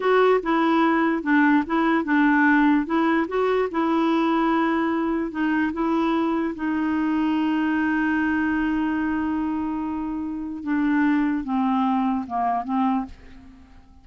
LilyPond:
\new Staff \with { instrumentName = "clarinet" } { \time 4/4 \tempo 4 = 147 fis'4 e'2 d'4 | e'4 d'2 e'4 | fis'4 e'2.~ | e'4 dis'4 e'2 |
dis'1~ | dis'1~ | dis'2 d'2 | c'2 ais4 c'4 | }